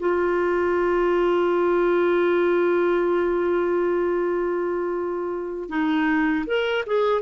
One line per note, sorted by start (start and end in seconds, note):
0.00 5.70 F4
5.70 6.46 D#4
6.47 6.85 A#4
6.87 7.22 G#4